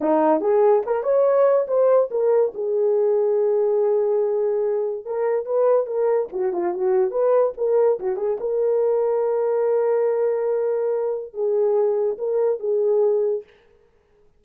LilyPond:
\new Staff \with { instrumentName = "horn" } { \time 4/4 \tempo 4 = 143 dis'4 gis'4 ais'8 cis''4. | c''4 ais'4 gis'2~ | gis'1 | ais'4 b'4 ais'4 fis'8 f'8 |
fis'4 b'4 ais'4 fis'8 gis'8 | ais'1~ | ais'2. gis'4~ | gis'4 ais'4 gis'2 | }